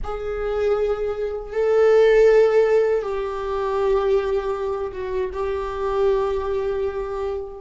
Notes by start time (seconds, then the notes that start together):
0.03 G#4
1.52 A4
3.02 G4
4.92 F#4
5.33 G4